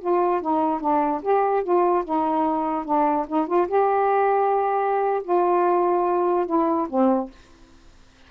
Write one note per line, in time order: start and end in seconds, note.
0.00 0.41 F4
0.41 0.81 D#4
0.81 1.22 D4
1.22 1.63 G4
1.63 2.04 F4
2.04 2.85 D#4
2.85 3.26 D4
3.28 3.47 D#4
3.47 3.67 F4
3.68 5.22 G4
5.23 6.46 F4
6.46 6.87 E4
6.89 7.30 C4